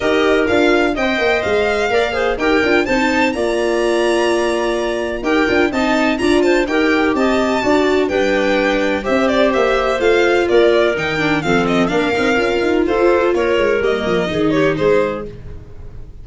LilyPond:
<<
  \new Staff \with { instrumentName = "violin" } { \time 4/4 \tempo 4 = 126 dis''4 f''4 g''4 f''4~ | f''4 g''4 a''4 ais''4~ | ais''2. g''4 | a''4 ais''8 a''8 g''4 a''4~ |
a''4 g''2 e''8 d''8 | e''4 f''4 d''4 g''4 | f''8 dis''8 f''2 c''4 | cis''4 dis''4. cis''8 c''4 | }
  \new Staff \with { instrumentName = "clarinet" } { \time 4/4 ais'2 dis''2 | d''8 c''8 ais'4 c''4 d''4~ | d''2. ais'4 | dis''4 d''8 c''8 ais'4 dis''4 |
d''4 b'2 c''4~ | c''2 ais'2 | a'4 ais'2 a'4 | ais'2 gis'8 g'8 gis'4 | }
  \new Staff \with { instrumentName = "viola" } { \time 4/4 g'4 f'4 c''2 | ais'8 gis'8 g'8 f'8 dis'4 f'4~ | f'2. g'8 f'8 | dis'4 f'4 g'2 |
fis'4 d'2 g'4~ | g'4 f'2 dis'8 d'8 | c'4 d'8 dis'8 f'2~ | f'4 ais4 dis'2 | }
  \new Staff \with { instrumentName = "tuba" } { \time 4/4 dis'4 d'4 c'8 ais8 gis4 | ais4 dis'8 d'8 c'4 ais4~ | ais2. dis'8 d'8 | c'4 d'4 dis'4 c'4 |
d'4 g2 c'4 | ais4 a4 ais4 dis4 | f4 ais8 c'8 cis'8 dis'8 f'4 | ais8 gis8 g8 f8 dis4 gis4 | }
>>